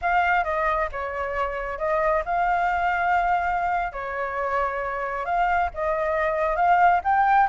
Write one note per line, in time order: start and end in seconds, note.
0.01 0.44 F5
0.44 0.88 D#5
0.92 1.78 C#5
1.78 2.23 D#5
2.25 3.92 F5
3.92 5.25 C#5
5.25 5.70 F5
5.74 6.56 D#5
6.56 7.00 F5
7.04 7.49 G5